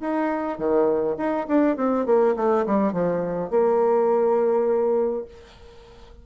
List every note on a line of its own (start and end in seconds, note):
0.00 0.58 D#4
0.58 1.16 D#3
1.17 1.46 D#4
1.48 1.76 D4
1.76 2.05 C4
2.05 2.35 A#3
2.36 2.65 A3
2.66 2.92 G3
2.92 3.50 F3
3.50 5.25 A#3